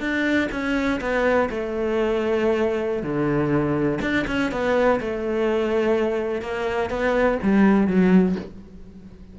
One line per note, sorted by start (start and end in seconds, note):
0.00 0.48 D4
0.51 1.00 C#4
1.01 1.49 B3
1.50 3.02 A3
3.02 3.99 D3
4.01 4.26 D4
4.27 4.51 C#4
4.52 5.00 B3
5.00 6.42 A3
6.42 6.90 A#3
6.90 7.38 B3
7.43 7.87 G3
7.87 8.36 F#3